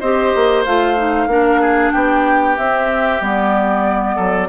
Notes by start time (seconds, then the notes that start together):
0.00 C4 G4 C5 D#5
0.36 A#3
0.65 A3 F4 F5
0.97 D#4
1.28 A#3 D4 A#4
1.61 G#4
1.92 B3 G4 G5
2.58 C4 E5
3.21 G3 B3 D5
4.16 F#3 A4